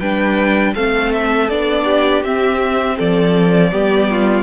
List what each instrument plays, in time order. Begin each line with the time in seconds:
0.00 cello G3, viola D4, violin B4 G5
0.74 cello A3, viola C4, violin A4 F5
1.13 violin E5
1.50 cello B3, viola D4, violin D5
1.85 violin G4
2.24 cello C4, viola C4, violin E5
2.97 cello F3, violin A4 D5
3.72 cello G3, viola B3, violin G4
4.11 violin F4